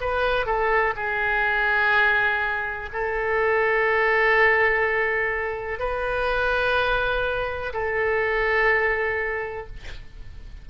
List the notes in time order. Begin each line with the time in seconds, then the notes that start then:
0.00 B4
0.45 A4
0.96 G#4
2.93 A4
5.79 B4
7.73 A4